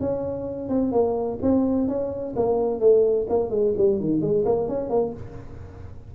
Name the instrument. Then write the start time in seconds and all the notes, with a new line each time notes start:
tuba
0.00 C#4
0.69 C4
0.92 A#3
1.42 C4
1.88 C#4
2.36 A#3
2.80 A3
3.29 A#3
3.50 G#3
3.78 G3
4.00 D#3
4.21 G#3
4.45 A#3
4.69 C#4
4.90 A#3